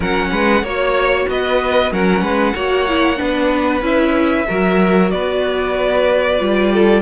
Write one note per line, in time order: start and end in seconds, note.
0.00 0.31 F#3
0.00 0.64 C#4
0.00 0.29 A#4
0.00 0.65 F#5
0.31 0.62 G#3
0.31 0.62 B4
0.62 1.26 A#3
0.62 1.91 F#4
0.62 1.26 C#5
0.62 1.29 C#5
1.28 1.91 B3
1.28 1.92 B4
1.28 1.93 D#5
1.91 2.21 F#3
1.91 2.55 C#4
1.91 2.21 A#4
1.91 3.84 F#5
2.21 2.53 G#3
2.21 2.53 B4
2.54 3.19 A#3
2.54 2.87 F#4
2.54 3.18 C#5
2.88 3.16 E4
3.16 3.81 B3
3.16 3.80 D4
3.16 4.46 B4
3.81 4.45 C#4
3.81 4.46 E4
3.81 5.11 E5
4.47 5.13 F#3
4.47 6.37 F#4
4.47 5.11 A#4
5.11 6.40 B3
5.11 6.73 B4
5.11 7.01 D5
6.37 7.01 G3
6.37 7.01 F4
6.73 7.01 A4